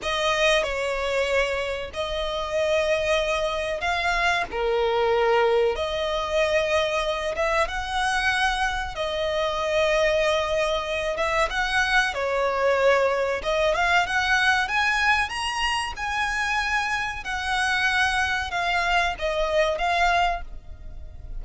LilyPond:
\new Staff \with { instrumentName = "violin" } { \time 4/4 \tempo 4 = 94 dis''4 cis''2 dis''4~ | dis''2 f''4 ais'4~ | ais'4 dis''2~ dis''8 e''8 | fis''2 dis''2~ |
dis''4. e''8 fis''4 cis''4~ | cis''4 dis''8 f''8 fis''4 gis''4 | ais''4 gis''2 fis''4~ | fis''4 f''4 dis''4 f''4 | }